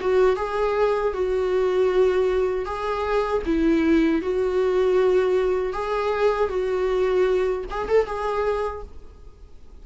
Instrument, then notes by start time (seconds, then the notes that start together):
viola
0.00 F#4
0.36 G#4
1.13 F#4
2.65 G#4
3.45 E4
4.21 F#4
5.73 G#4
6.49 F#4
7.70 G#4
7.88 A4
8.06 G#4